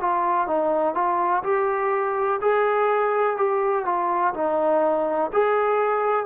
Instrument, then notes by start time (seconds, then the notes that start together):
trombone
0.00 F4
0.47 D#4
0.95 F4
1.43 G4
2.41 G#4
3.37 G4
3.85 F4
4.34 D#4
5.32 G#4